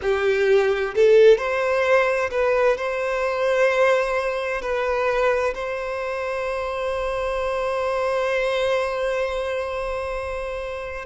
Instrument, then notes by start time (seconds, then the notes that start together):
violin
0.02 G4
0.94 A4
1.37 C5
2.31 B4
2.77 C5
4.61 B4
5.54 C5